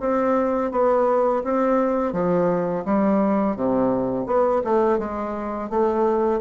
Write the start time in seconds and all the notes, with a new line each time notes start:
0.00 C4
0.71 B3
1.44 C4
2.13 F3
2.85 G3
3.56 C3
4.26 B3
4.64 A3
4.99 G#3
5.70 A3